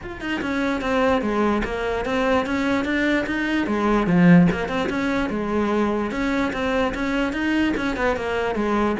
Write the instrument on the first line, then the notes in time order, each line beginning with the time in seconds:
cello
0.03 F4
0.20 D#4
0.41 C#4
0.81 C4
1.21 G#3
1.64 A#3
2.05 C4
2.46 C#4
2.84 D4
3.26 D#4
3.66 G#3
4.06 F3
4.51 A#3
4.68 C4
4.89 C#4
5.29 G#3
6.11 C#4
6.53 C4
6.94 C#4
7.32 D#4
7.76 C#4
7.96 B3
8.16 A#3
8.55 G#3